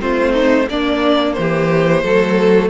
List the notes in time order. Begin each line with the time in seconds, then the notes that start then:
0.00 A3 C4 F4 C5
0.33 D#4
0.69 A#3 D4 D5
1.33 E3 C5
1.40 G4
2.03 F#3 A3 A4